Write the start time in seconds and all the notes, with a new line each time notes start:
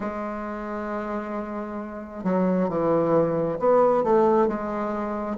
0.00 G#3
2.24 F#3
2.69 E3
3.59 B3
4.03 A3
4.47 G#3